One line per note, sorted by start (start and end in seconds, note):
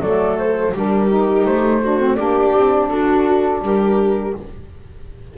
0.00 0.72 F#3
0.00 0.73 A3
0.00 0.73 A4
0.00 0.37 D5
0.38 0.74 C5
0.73 1.45 G3
0.73 1.08 D4
0.73 1.81 G4
0.73 1.46 A#4
1.08 1.81 D#4
1.45 2.17 A3
1.45 2.15 C5
1.82 2.00 D4
1.82 2.17 F#4
2.00 2.17 C4
2.15 2.55 A#3
2.15 4.34 D4
2.15 2.89 G4
2.15 2.87 D5
2.55 2.91 C4
2.89 3.61 D4
2.89 3.62 F#4
2.89 3.61 A4
3.61 4.33 G3
3.61 4.36 G4
3.61 4.37 A#4